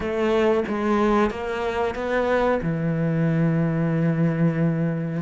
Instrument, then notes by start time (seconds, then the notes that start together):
cello
0.00 A3
0.68 G#3
1.30 A#3
1.94 B3
2.62 E3